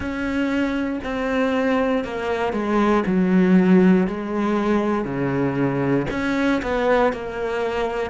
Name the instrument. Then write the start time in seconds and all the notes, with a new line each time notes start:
cello
0.00 C#4
1.03 C4
2.04 A#3
2.52 G#3
3.06 F#3
4.07 G#3
5.04 C#3
6.10 C#4
6.62 B3
7.12 A#3